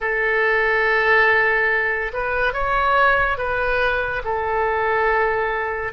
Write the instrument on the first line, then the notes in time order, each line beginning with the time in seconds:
oboe
0.00 A4
2.13 B4
2.53 C#5
3.37 B4
4.24 A4